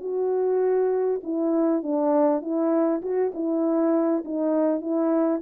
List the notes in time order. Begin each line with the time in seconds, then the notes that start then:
0.00 F#4
1.23 E4
1.82 D4
2.42 E4
3.02 F#4
3.34 E4
4.24 D#4
4.81 E4